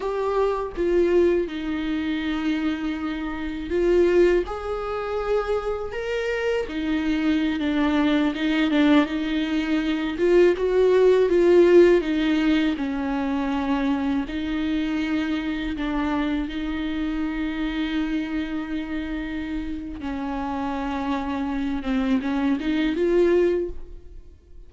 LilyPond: \new Staff \with { instrumentName = "viola" } { \time 4/4 \tempo 4 = 81 g'4 f'4 dis'2~ | dis'4 f'4 gis'2 | ais'4 dis'4~ dis'16 d'4 dis'8 d'16~ | d'16 dis'4. f'8 fis'4 f'8.~ |
f'16 dis'4 cis'2 dis'8.~ | dis'4~ dis'16 d'4 dis'4.~ dis'16~ | dis'2. cis'4~ | cis'4. c'8 cis'8 dis'8 f'4 | }